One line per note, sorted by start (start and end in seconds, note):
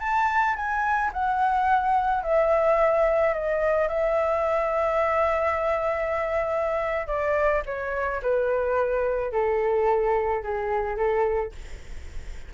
0.00 0.56 A5
0.56 1.12 G#5
1.13 2.23 F#5
2.23 3.34 E5
3.34 3.89 D#5
3.89 7.08 E5
7.08 7.63 D5
7.66 8.22 C#5
8.22 9.32 B4
9.32 10.43 A4
10.43 10.97 G#4
10.97 11.53 A4